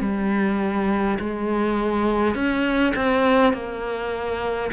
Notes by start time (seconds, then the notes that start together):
0.00 G3
1.19 G#3
2.34 C#4
2.95 C4
3.52 A#3